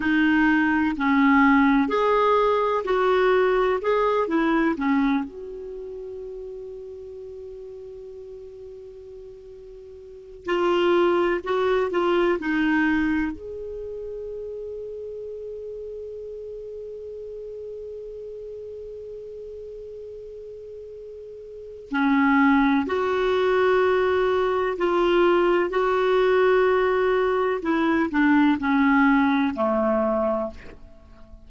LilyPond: \new Staff \with { instrumentName = "clarinet" } { \time 4/4 \tempo 4 = 63 dis'4 cis'4 gis'4 fis'4 | gis'8 e'8 cis'8 fis'2~ fis'8~ | fis'2. f'4 | fis'8 f'8 dis'4 gis'2~ |
gis'1~ | gis'2. cis'4 | fis'2 f'4 fis'4~ | fis'4 e'8 d'8 cis'4 a4 | }